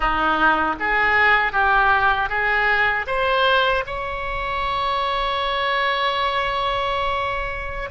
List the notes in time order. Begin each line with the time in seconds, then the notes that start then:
0.00 D#4
0.79 G#4
1.52 G4
2.29 G#4
3.07 C5
3.86 C#5